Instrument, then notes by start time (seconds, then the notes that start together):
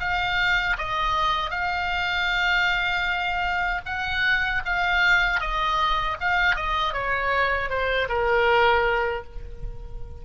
oboe
0.00 F5
0.78 D#5
1.51 F5
3.86 F#5
4.65 F5
5.41 D#5
6.20 F5
6.56 D#5
6.93 C#5
7.70 C5
8.09 A#4